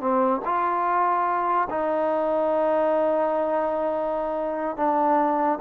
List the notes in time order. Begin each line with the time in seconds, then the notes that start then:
0.00 C4
0.45 F4
1.70 D#4
4.77 D4